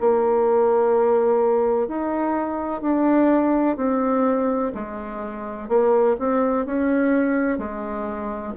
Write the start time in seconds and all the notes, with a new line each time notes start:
0.00 A#3
1.88 D#4
2.81 D4
3.76 C4
4.74 G#3
5.69 A#3
6.19 C4
6.66 C#4
7.58 G#3